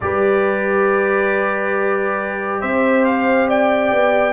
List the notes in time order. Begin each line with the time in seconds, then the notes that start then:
0.01 G3 G4 B4 D5
2.60 C4 C5 E5
3.05 F5
3.48 D5 G5
3.91 B3